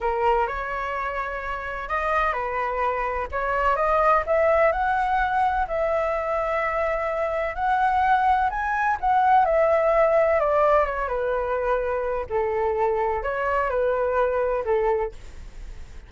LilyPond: \new Staff \with { instrumentName = "flute" } { \time 4/4 \tempo 4 = 127 ais'4 cis''2. | dis''4 b'2 cis''4 | dis''4 e''4 fis''2 | e''1 |
fis''2 gis''4 fis''4 | e''2 d''4 cis''8 b'8~ | b'2 a'2 | cis''4 b'2 a'4 | }